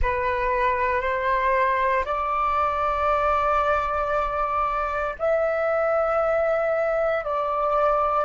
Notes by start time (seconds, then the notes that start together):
0.01 B4
1.01 C5
2.05 D5
5.19 E5
7.24 D5